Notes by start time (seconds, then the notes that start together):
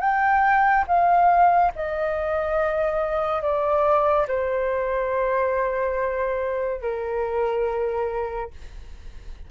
0.00 G5
0.87 F5
1.75 D#5
3.42 D5
4.28 C5
6.81 A#4